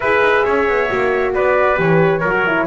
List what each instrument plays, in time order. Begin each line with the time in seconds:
0.00 double bass E4, horn G#4, trumpet B4, flute E5
0.20 double bass D#4
0.44 double bass C#4, trumpet C#5
0.68 double bass B3
0.90 double bass A#3, horn F#4
1.34 double bass B3, trumpet B4, flute D5
1.75 double bass E3, horn G4, flute C#5
2.20 double bass F#3, horn F#4, trumpet A#4
2.46 horn E4